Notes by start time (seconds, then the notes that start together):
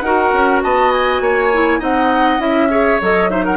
0.00 D#4 F#4 A#4 F#5
0.33 C#4
0.62 B3 D#5 A5
0.91 G#5
1.20 A#3 C#5
1.53 E4
1.79 C4 D#4 D#5 F#5
2.38 C#4 E4 E5
2.70 G#4 C#5
3.01 F#3 A4 D#5
3.29 D#4 C5 E5
3.44 A#4 F#5